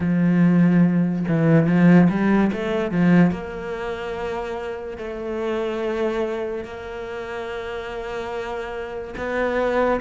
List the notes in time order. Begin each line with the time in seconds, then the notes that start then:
0.00 F3
1.27 E3
1.66 F3
2.09 G3
2.52 A3
2.91 F3
3.31 A#3
4.97 A3
6.64 A#3
9.17 B3